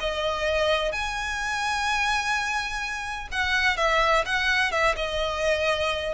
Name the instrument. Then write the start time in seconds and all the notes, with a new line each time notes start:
violin
0.00 D#5
0.92 G#5
3.32 F#5
3.77 E5
4.26 F#5
4.72 E5
4.96 D#5